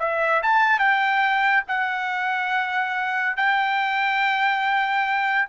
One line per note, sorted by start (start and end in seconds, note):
0.00 0.42 E5
0.43 0.79 A5
0.79 1.64 G5
1.68 3.37 F#5
3.37 5.48 G5